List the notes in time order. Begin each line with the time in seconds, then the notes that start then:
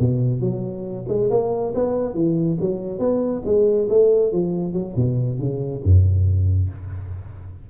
0.00 B2
0.41 F#3
1.08 G#3
1.30 A#3
1.74 B3
2.14 E3
2.60 F#3
2.99 B3
3.45 G#3
3.89 A3
4.32 F3
4.73 F#3
4.96 B2
5.39 C#3
5.84 F#2